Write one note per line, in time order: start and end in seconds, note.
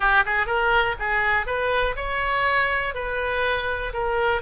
0.00 0.23 G4
0.25 0.46 G#4
0.46 0.95 A#4
0.99 1.46 G#4
1.46 1.95 B4
1.96 2.94 C#5
2.94 3.93 B4
3.93 4.41 A#4